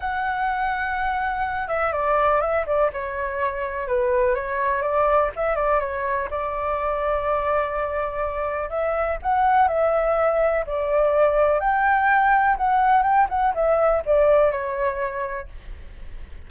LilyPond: \new Staff \with { instrumentName = "flute" } { \time 4/4 \tempo 4 = 124 fis''2.~ fis''8 e''8 | d''4 e''8 d''8 cis''2 | b'4 cis''4 d''4 e''8 d''8 | cis''4 d''2.~ |
d''2 e''4 fis''4 | e''2 d''2 | g''2 fis''4 g''8 fis''8 | e''4 d''4 cis''2 | }